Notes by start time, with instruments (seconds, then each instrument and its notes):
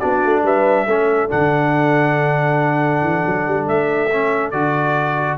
0.00 tuba B3, trombone D4, horn F#4, trumpet D5
0.25 tuba A3
0.44 tuba G3, horn B4, trumpet E5
0.87 tuba A3, trombone C#4, horn A4
1.29 tuba D3, trombone D4, trumpet F#5
3.02 tuba E3
3.27 tuba F#3
3.47 tuba G3
3.68 tuba A3, trumpet E5
4.13 trombone C#4
4.51 tuba D3, trombone F#4, trumpet D5